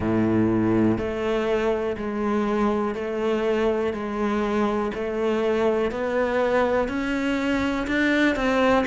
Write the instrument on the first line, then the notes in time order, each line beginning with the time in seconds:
cello
0.00 A2
0.97 A3
1.97 G#3
2.95 A3
3.93 G#3
4.94 A3
5.91 B3
6.88 C#4
7.87 D4
8.35 C4